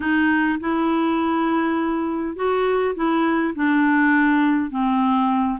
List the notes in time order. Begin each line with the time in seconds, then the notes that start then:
0.00 D#4
0.60 E4
2.36 F#4
2.95 E4
3.55 D4
4.70 C4